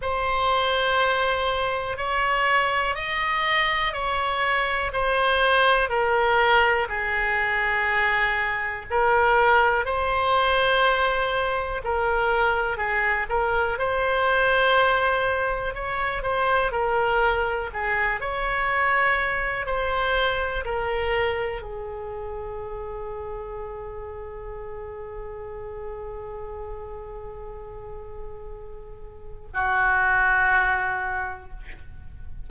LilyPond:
\new Staff \with { instrumentName = "oboe" } { \time 4/4 \tempo 4 = 61 c''2 cis''4 dis''4 | cis''4 c''4 ais'4 gis'4~ | gis'4 ais'4 c''2 | ais'4 gis'8 ais'8 c''2 |
cis''8 c''8 ais'4 gis'8 cis''4. | c''4 ais'4 gis'2~ | gis'1~ | gis'2 fis'2 | }